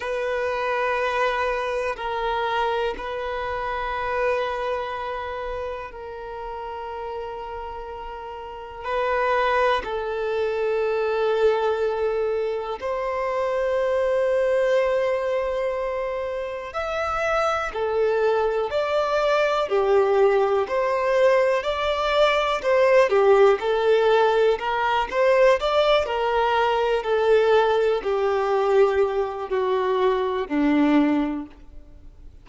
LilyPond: \new Staff \with { instrumentName = "violin" } { \time 4/4 \tempo 4 = 61 b'2 ais'4 b'4~ | b'2 ais'2~ | ais'4 b'4 a'2~ | a'4 c''2.~ |
c''4 e''4 a'4 d''4 | g'4 c''4 d''4 c''8 g'8 | a'4 ais'8 c''8 d''8 ais'4 a'8~ | a'8 g'4. fis'4 d'4 | }